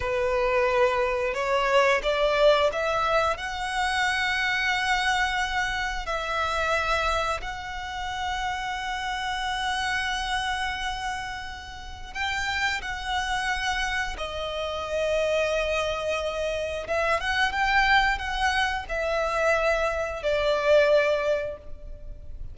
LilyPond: \new Staff \with { instrumentName = "violin" } { \time 4/4 \tempo 4 = 89 b'2 cis''4 d''4 | e''4 fis''2.~ | fis''4 e''2 fis''4~ | fis''1~ |
fis''2 g''4 fis''4~ | fis''4 dis''2.~ | dis''4 e''8 fis''8 g''4 fis''4 | e''2 d''2 | }